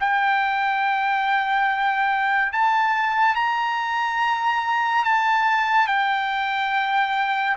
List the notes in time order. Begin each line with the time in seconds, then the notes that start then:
0.00 G5
2.52 A5
3.35 A#5
5.05 A5
5.87 G5